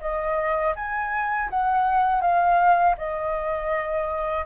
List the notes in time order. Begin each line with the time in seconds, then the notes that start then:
0.00 D#5
0.75 G#5
1.50 F#5
2.21 F5
2.97 D#5